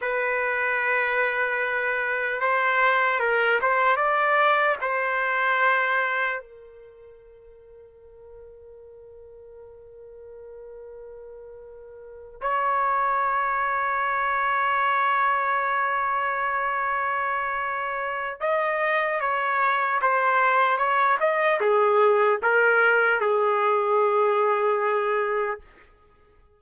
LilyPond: \new Staff \with { instrumentName = "trumpet" } { \time 4/4 \tempo 4 = 75 b'2. c''4 | ais'8 c''8 d''4 c''2 | ais'1~ | ais'2.~ ais'8 cis''8~ |
cis''1~ | cis''2. dis''4 | cis''4 c''4 cis''8 dis''8 gis'4 | ais'4 gis'2. | }